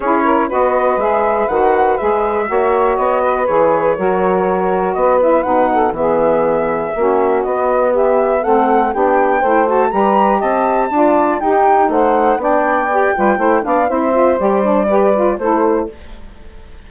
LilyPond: <<
  \new Staff \with { instrumentName = "flute" } { \time 4/4 \tempo 4 = 121 cis''4 dis''4 e''4 fis''4 | e''2 dis''4 cis''4~ | cis''2 dis''8 e''8 fis''4 | e''2. dis''4 |
e''4 fis''4 g''4. a''8 | ais''4 a''2 g''4 | fis''4 g''2~ g''8 f''8 | e''4 d''2 c''4 | }
  \new Staff \with { instrumentName = "saxophone" } { \time 4/4 gis'8 ais'8 b'2.~ | b'4 cis''4. b'4. | ais'2 b'4. a'8 | gis'2 fis'2 |
g'4 a'4 g'4 c''4 | b'4 dis''4 d''4 g'4 | c''4 d''4. b'8 c''8 d''8 | c''2 b'4 a'4 | }
  \new Staff \with { instrumentName = "saxophone" } { \time 4/4 e'4 fis'4 gis'4 fis'4 | gis'4 fis'2 gis'4 | fis'2~ fis'8 e'8 dis'4 | b2 cis'4 b4~ |
b4 c'4 d'4 e'8 fis'8 | g'2 f'4 dis'4~ | dis'4 d'4 g'8 f'8 e'8 d'8 | e'8 f'8 g'8 d'8 g'8 f'8 e'4 | }
  \new Staff \with { instrumentName = "bassoon" } { \time 4/4 cis'4 b4 gis4 dis4 | gis4 ais4 b4 e4 | fis2 b4 b,4 | e2 ais4 b4~ |
b4 a4 b4 a4 | g4 c'4 d'4 dis'4 | a4 b4. g8 a8 b8 | c'4 g2 a4 | }
>>